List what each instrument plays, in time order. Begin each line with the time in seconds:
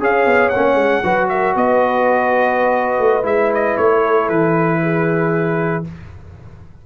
0.00 tuba C#4, trombone G#4, horn C#5, trumpet F5
0.25 tuba B3
0.49 trombone C#4, trumpet F#5
0.55 tuba A#3
0.75 tuba G#3
1.03 tuba F#3, trombone F#4, horn B4
1.28 horn A#4, trumpet E5
1.55 tuba B3, horn B4, trumpet D#5
2.99 tuba A3
3.23 tuba G#3, trombone E4, trumpet E5
3.54 trumpet D#5
3.77 tuba A3, trumpet C#5
4.04 horn A4
4.28 tuba E3, trumpet B4
4.81 horn G#4